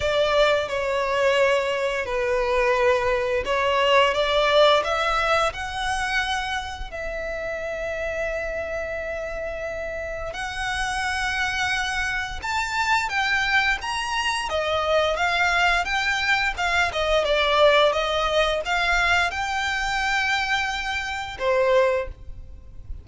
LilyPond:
\new Staff \with { instrumentName = "violin" } { \time 4/4 \tempo 4 = 87 d''4 cis''2 b'4~ | b'4 cis''4 d''4 e''4 | fis''2 e''2~ | e''2. fis''4~ |
fis''2 a''4 g''4 | ais''4 dis''4 f''4 g''4 | f''8 dis''8 d''4 dis''4 f''4 | g''2. c''4 | }